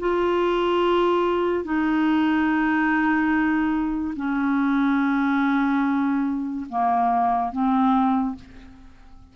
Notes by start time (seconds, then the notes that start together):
0.00 F4
1.64 D#4
4.16 C#4
6.69 A#3
7.52 C4